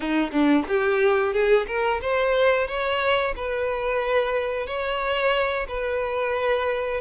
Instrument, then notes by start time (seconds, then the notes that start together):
violin
0.00 D#4
0.31 D4
0.68 G4
1.33 G#4
1.67 A#4
2.01 C5
2.67 C#5
3.35 B4
4.67 C#5
5.68 B4